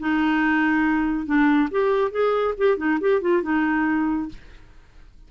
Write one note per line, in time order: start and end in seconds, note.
0.00 1.26 D#4
1.26 1.69 D4
1.71 2.12 G4
2.12 2.55 G#4
2.58 2.78 G4
2.78 2.99 D#4
3.01 3.21 G4
3.21 3.43 F4
3.43 4.29 D#4